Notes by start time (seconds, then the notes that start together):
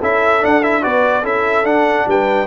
0.00 C#4 E4 A4 E5
0.41 D4 F#5
0.64 E4 E5
0.82 B3 F#4 B4 D5
1.24 C#4 E4 A4 E5
1.64 D4 F#5
2.07 G3 B4 G5